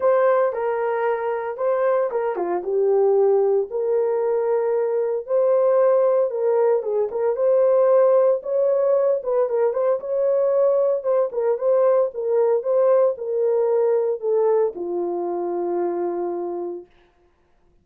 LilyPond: \new Staff \with { instrumentName = "horn" } { \time 4/4 \tempo 4 = 114 c''4 ais'2 c''4 | ais'8 f'8 g'2 ais'4~ | ais'2 c''2 | ais'4 gis'8 ais'8 c''2 |
cis''4. b'8 ais'8 c''8 cis''4~ | cis''4 c''8 ais'8 c''4 ais'4 | c''4 ais'2 a'4 | f'1 | }